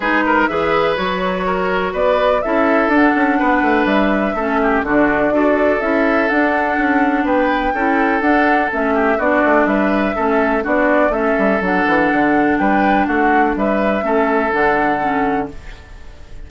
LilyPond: <<
  \new Staff \with { instrumentName = "flute" } { \time 4/4 \tempo 4 = 124 b'4 e''4 cis''2 | d''4 e''4 fis''2 | e''2 d''2 | e''4 fis''2 g''4~ |
g''4 fis''4 e''4 d''4 | e''2 d''4 e''4 | fis''2 g''4 fis''4 | e''2 fis''2 | }
  \new Staff \with { instrumentName = "oboe" } { \time 4/4 gis'8 ais'8 b'2 ais'4 | b'4 a'2 b'4~ | b'4 a'8 g'8 fis'4 a'4~ | a'2. b'4 |
a'2~ a'8 g'8 fis'4 | b'4 a'4 fis'4 a'4~ | a'2 b'4 fis'4 | b'4 a'2. | }
  \new Staff \with { instrumentName = "clarinet" } { \time 4/4 dis'4 gis'4 fis'2~ | fis'4 e'4 d'2~ | d'4 cis'4 d'4 fis'4 | e'4 d'2. |
e'4 d'4 cis'4 d'4~ | d'4 cis'4 d'4 cis'4 | d'1~ | d'4 cis'4 d'4 cis'4 | }
  \new Staff \with { instrumentName = "bassoon" } { \time 4/4 gis4 e4 fis2 | b4 cis'4 d'8 cis'8 b8 a8 | g4 a4 d4 d'4 | cis'4 d'4 cis'4 b4 |
cis'4 d'4 a4 b8 a8 | g4 a4 b4 a8 g8 | fis8 e8 d4 g4 a4 | g4 a4 d2 | }
>>